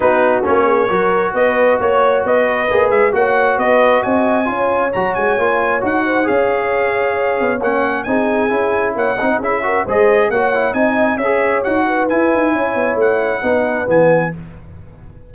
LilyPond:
<<
  \new Staff \with { instrumentName = "trumpet" } { \time 4/4 \tempo 4 = 134 b'4 cis''2 dis''4 | cis''4 dis''4. e''8 fis''4 | dis''4 gis''2 ais''8 gis''8~ | gis''4 fis''4 f''2~ |
f''4 fis''4 gis''2 | fis''4 e''4 dis''4 fis''4 | gis''4 e''4 fis''4 gis''4~ | gis''4 fis''2 gis''4 | }
  \new Staff \with { instrumentName = "horn" } { \time 4/4 fis'4. gis'8 ais'4 b'4 | cis''4 b'2 cis''4 | b'4 dis''4 cis''2~ | cis''4. c''8 cis''2~ |
cis''2 gis'2 | cis''8 dis''8 gis'8 ais'8 c''4 cis''4 | dis''4 cis''4. b'4. | cis''2 b'2 | }
  \new Staff \with { instrumentName = "trombone" } { \time 4/4 dis'4 cis'4 fis'2~ | fis'2 gis'4 fis'4~ | fis'2 f'4 fis'4 | f'4 fis'4 gis'2~ |
gis'4 cis'4 dis'4 e'4~ | e'8 dis'8 e'8 fis'8 gis'4 fis'8 e'8 | dis'4 gis'4 fis'4 e'4~ | e'2 dis'4 b4 | }
  \new Staff \with { instrumentName = "tuba" } { \time 4/4 b4 ais4 fis4 b4 | ais4 b4 ais8 gis8 ais4 | b4 c'4 cis'4 fis8 gis8 | ais4 dis'4 cis'2~ |
cis'8 b8 ais4 c'4 cis'4 | ais8 c'8 cis'4 gis4 ais4 | c'4 cis'4 dis'4 e'8 dis'8 | cis'8 b8 a4 b4 e4 | }
>>